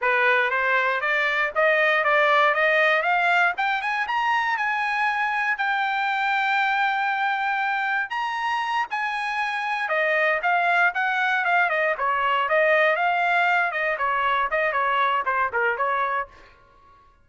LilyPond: \new Staff \with { instrumentName = "trumpet" } { \time 4/4 \tempo 4 = 118 b'4 c''4 d''4 dis''4 | d''4 dis''4 f''4 g''8 gis''8 | ais''4 gis''2 g''4~ | g''1 |
ais''4. gis''2 dis''8~ | dis''8 f''4 fis''4 f''8 dis''8 cis''8~ | cis''8 dis''4 f''4. dis''8 cis''8~ | cis''8 dis''8 cis''4 c''8 ais'8 cis''4 | }